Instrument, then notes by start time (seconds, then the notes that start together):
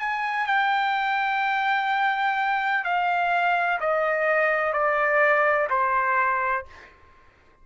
trumpet
0.00 G#5
0.47 G5
2.84 F5
3.81 D#5
4.73 D5
5.70 C5